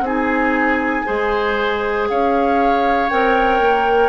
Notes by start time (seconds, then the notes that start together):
0.00 C4 D#4 G#4
0.07 G#5
1.05 G#3 G#4 C5
2.09 C#4 C#5 F5
3.09 C4 A#4 G5
3.60 A#3